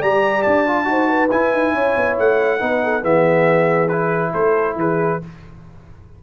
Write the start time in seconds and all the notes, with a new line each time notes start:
0.00 G3 G4 D5 A#5
0.42 D4 A5
0.66 F4
0.84 D#4 F#4 C5
1.08 B4
1.30 E4 G#5
1.52 D#4
1.73 C#4 C#5
1.96 B3
2.19 A3 F#5
2.60 B3 D#4 B4
2.84 A4
3.01 E3 B3 G#4 E5
3.88 E4 B4
4.33 A3 A4 C5
4.76 E3 G#4 B4